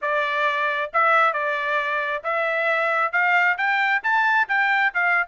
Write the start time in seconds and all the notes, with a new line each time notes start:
0.01 D5
0.93 E5
1.33 D5
2.23 E5
3.12 F5
3.57 G5
4.03 A5
4.48 G5
4.94 F5